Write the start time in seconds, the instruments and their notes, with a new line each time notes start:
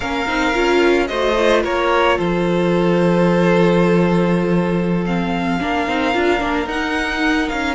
0.00 cello A#3, viola C#4, violin A#4 F5
0.27 cello C4, viola D#4
0.53 cello C#4, viola F4
1.07 cello A3, viola F#4, violin C5 D#5
1.38 viola F4
1.63 cello A#3, violin A#4 C#5
2.17 cello F3, violin A4 C5
5.05 viola C4, violin F5
5.60 cello A#3, viola D4, violin A#4
5.87 cello C4, viola D#4
6.13 cello D4, viola F4
6.39 cello A#3, viola D4
6.66 cello D#4, viola D#4, violin F#5
7.48 cello C#4, violin F5